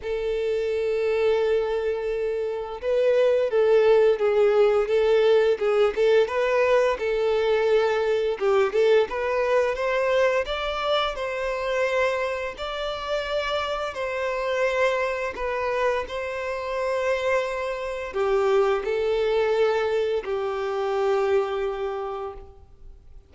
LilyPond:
\new Staff \with { instrumentName = "violin" } { \time 4/4 \tempo 4 = 86 a'1 | b'4 a'4 gis'4 a'4 | gis'8 a'8 b'4 a'2 | g'8 a'8 b'4 c''4 d''4 |
c''2 d''2 | c''2 b'4 c''4~ | c''2 g'4 a'4~ | a'4 g'2. | }